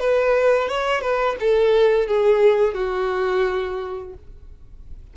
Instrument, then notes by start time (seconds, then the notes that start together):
violin
0.00 B4
0.69 C#5
1.01 B4
1.40 A4
2.08 G#4
2.74 F#4